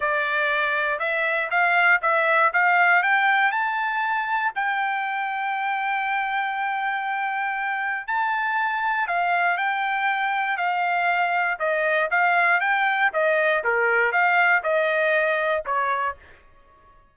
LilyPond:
\new Staff \with { instrumentName = "trumpet" } { \time 4/4 \tempo 4 = 119 d''2 e''4 f''4 | e''4 f''4 g''4 a''4~ | a''4 g''2.~ | g''1 |
a''2 f''4 g''4~ | g''4 f''2 dis''4 | f''4 g''4 dis''4 ais'4 | f''4 dis''2 cis''4 | }